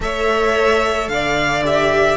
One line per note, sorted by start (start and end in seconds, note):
0.00 1.08 A3
0.00 1.63 A4
0.00 1.12 C#5
0.00 1.08 E5
1.08 2.17 D3
1.08 2.17 D5
1.08 1.62 F5
1.63 2.17 G4
1.63 2.17 E5